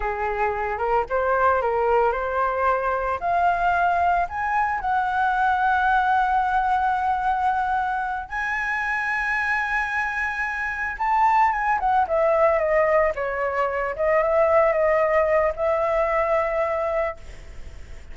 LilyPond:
\new Staff \with { instrumentName = "flute" } { \time 4/4 \tempo 4 = 112 gis'4. ais'8 c''4 ais'4 | c''2 f''2 | gis''4 fis''2.~ | fis''2.~ fis''8 gis''8~ |
gis''1~ | gis''8 a''4 gis''8 fis''8 e''4 dis''8~ | dis''8 cis''4. dis''8 e''4 dis''8~ | dis''4 e''2. | }